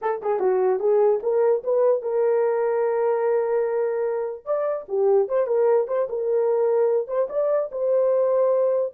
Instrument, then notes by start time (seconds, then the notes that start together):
horn
0.01 A4
0.22 G#4
0.39 F#4
0.79 G#4
1.22 A#4
1.63 B4
2.02 A#4
4.45 D5
4.88 G4
5.28 C5
5.47 A#4
5.87 C5
6.09 A#4
7.07 C5
7.29 D5
7.71 C5